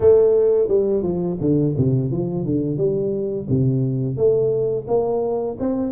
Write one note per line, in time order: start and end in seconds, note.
0.00 0.68 A3
0.68 1.02 G3
1.02 1.37 F3
1.40 1.75 D3
1.77 2.11 C3
2.11 2.45 F3
2.45 2.77 D3
2.77 3.47 G3
3.49 4.16 C3
4.16 4.86 A3
4.87 5.57 A#3
5.59 5.91 C4